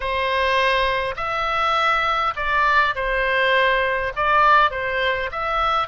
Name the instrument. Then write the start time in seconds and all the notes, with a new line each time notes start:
oboe
0.00 C5
1.16 E5
2.35 D5
2.95 C5
4.16 D5
4.71 C5
5.31 E5